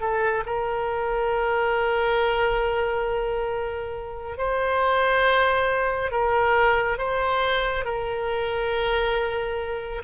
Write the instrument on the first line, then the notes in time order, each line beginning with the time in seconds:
oboe
0.00 A4
0.46 A#4
4.37 C5
6.11 A#4
6.98 C5
7.85 A#4